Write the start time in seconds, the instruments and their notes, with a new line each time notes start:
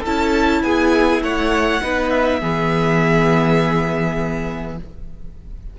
0.00 cello C#4, viola E4, violin A4 A5
0.63 cello B3, violin G#4 G#5
1.21 cello A3, violin C#5 F#5
1.81 cello B3, viola D#4, violin B4
2.10 violin E5
2.39 cello E3, viola B3, violin G#4